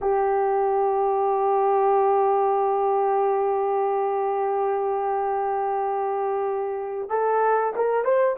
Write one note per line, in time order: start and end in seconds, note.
0.01 7.09 G4
7.09 7.73 A4
7.75 8.04 A#4
8.04 8.36 C5